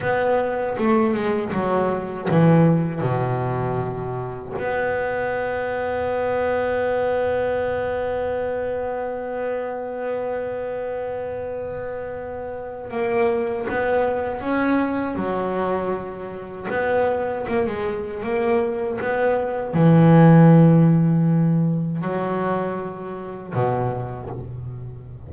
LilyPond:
\new Staff \with { instrumentName = "double bass" } { \time 4/4 \tempo 4 = 79 b4 a8 gis8 fis4 e4 | b,2 b2~ | b1~ | b1~ |
b4 ais4 b4 cis'4 | fis2 b4 ais16 gis8. | ais4 b4 e2~ | e4 fis2 b,4 | }